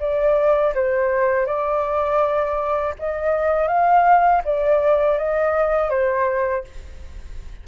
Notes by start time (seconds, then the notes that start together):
0.00 D5
0.75 C5
1.46 D5
2.99 D#5
3.68 F5
4.45 D5
5.19 D#5
5.90 C5